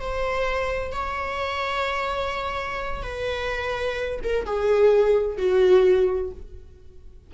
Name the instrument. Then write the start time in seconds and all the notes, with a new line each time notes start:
viola
0.00 C5
0.92 C#5
3.03 B4
4.24 A#4
4.46 G#4
5.38 F#4